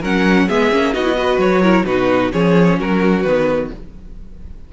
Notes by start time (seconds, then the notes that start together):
0.00 F#3 C#4 A#4 F#5
0.47 G#3 B3 G#4 E5
0.71 A#3 C#4
0.94 B3 D#4 F#4 D#5
1.03 E4
1.17 F#4 B4
1.38 F#3 C#5
1.62 E4 A#4
1.85 B2 D#4 F#4 B4
2.32 F3 C#4 G#4 C#5
2.79 F#3 F#4 A#4
3.22 D#3 B3 B4